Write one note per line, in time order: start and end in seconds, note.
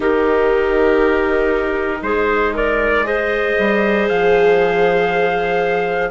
0.00 2.01 D#3
0.00 3.04 D#4
0.00 2.00 G4
0.00 2.03 A#4
2.01 3.54 G#3
2.01 2.54 G#4
2.01 2.53 C5
2.54 3.04 A#4
2.54 3.06 D5
3.04 6.09 G#4
3.04 6.10 C5
3.04 4.08 D#5
3.58 4.09 G3
4.08 6.10 F3
4.08 6.10 F5